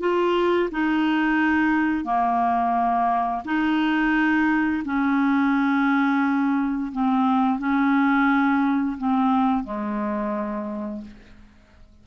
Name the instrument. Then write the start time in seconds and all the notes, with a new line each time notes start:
clarinet
0.00 F4
0.71 D#4
2.04 A#3
3.45 D#4
4.85 C#4
6.92 C4
7.59 C#4
8.97 C4
9.63 G#3